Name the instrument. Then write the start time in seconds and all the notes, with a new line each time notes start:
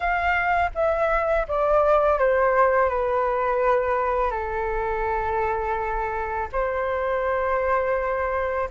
flute
0.00 F5
0.74 E5
1.48 D5
2.18 C5
2.89 B4
4.30 A4
6.52 C5